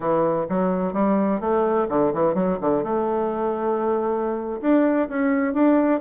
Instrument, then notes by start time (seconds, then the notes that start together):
bassoon
0.00 E3
0.49 F#3
0.93 G3
1.40 A3
1.89 D3
2.13 E3
2.34 F#3
2.60 D3
2.83 A3
4.61 D4
5.08 C#4
5.53 D4